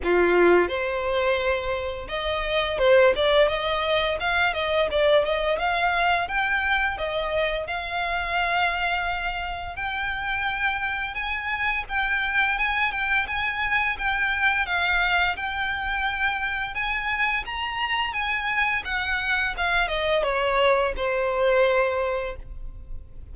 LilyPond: \new Staff \with { instrumentName = "violin" } { \time 4/4 \tempo 4 = 86 f'4 c''2 dis''4 | c''8 d''8 dis''4 f''8 dis''8 d''8 dis''8 | f''4 g''4 dis''4 f''4~ | f''2 g''2 |
gis''4 g''4 gis''8 g''8 gis''4 | g''4 f''4 g''2 | gis''4 ais''4 gis''4 fis''4 | f''8 dis''8 cis''4 c''2 | }